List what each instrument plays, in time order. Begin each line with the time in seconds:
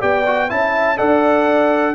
0.00 tuba B3, trombone G4, horn D5, trumpet G5
0.27 trombone F#4
0.50 tuba C#4, trombone E4, horn E5, trumpet A5
0.97 tuba D4, trombone A4, horn D5, trumpet F#5